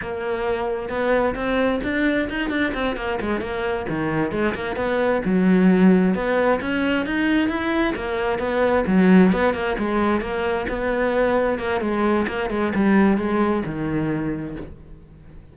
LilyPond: \new Staff \with { instrumentName = "cello" } { \time 4/4 \tempo 4 = 132 ais2 b4 c'4 | d'4 dis'8 d'8 c'8 ais8 gis8 ais8~ | ais8 dis4 gis8 ais8 b4 fis8~ | fis4. b4 cis'4 dis'8~ |
dis'8 e'4 ais4 b4 fis8~ | fis8 b8 ais8 gis4 ais4 b8~ | b4. ais8 gis4 ais8 gis8 | g4 gis4 dis2 | }